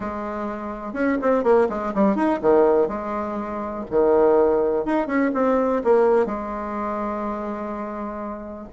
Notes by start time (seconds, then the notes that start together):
0.00 G#3
0.93 C#4
1.21 C4
1.43 A#3
1.69 G#3
1.94 G3
2.15 D#4
2.41 D#3
2.87 G#3
3.90 D#3
4.85 D#4
5.06 C#4
5.34 C4
5.84 A#3
6.26 G#3